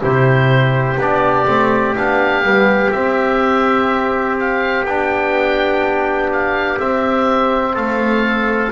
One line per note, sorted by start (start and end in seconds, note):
0.00 0.98 C3
0.00 0.97 E4
0.00 7.75 G4
0.00 1.00 C5
0.98 1.46 B3
0.98 1.47 D4
0.98 1.96 D5
1.47 1.96 A3
1.47 1.95 C4
1.95 2.43 B3
1.95 2.44 D4
1.95 2.92 F5
2.43 2.91 G3
2.43 2.92 B3
2.92 4.86 C4
2.92 4.85 C4
2.92 4.37 E5
4.40 4.85 F5
4.85 6.79 B3
4.85 6.79 D4
4.85 6.31 G5
6.32 6.80 F5
6.79 8.72 C4
6.79 7.77 C4
6.79 7.76 E5
7.75 8.72 A3
7.75 8.72 A4
7.75 8.72 F5